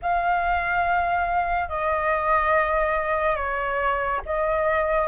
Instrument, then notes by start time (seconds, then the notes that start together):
flute
0.02 F5
1.69 D#5
3.36 C#5
4.25 D#5